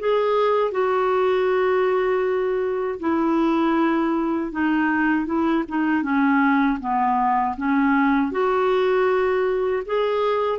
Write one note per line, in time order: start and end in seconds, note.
0.00 0.72 G#4
0.72 3.00 F#4
3.00 4.52 E4
4.52 5.26 D#4
5.26 5.64 E4
5.69 6.03 D#4
6.03 6.79 C#4
6.80 7.56 B3
7.57 8.32 C#4
8.32 9.84 F#4
9.86 10.59 G#4